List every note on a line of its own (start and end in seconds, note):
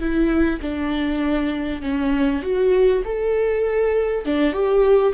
0.00 0.61 E4
0.61 1.82 D4
1.82 2.42 C#4
2.42 3.03 F#4
3.05 4.25 A4
4.25 4.53 D4
4.53 5.13 G4